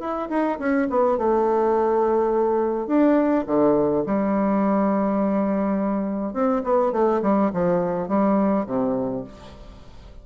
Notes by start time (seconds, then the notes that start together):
0.00 E4
0.29 D#4
0.59 C#4
0.90 B3
1.18 A3
2.87 D4
3.47 D3
4.06 G3
6.34 C4
6.64 B3
6.92 A3
7.22 G3
7.53 F3
8.08 G3
8.66 C3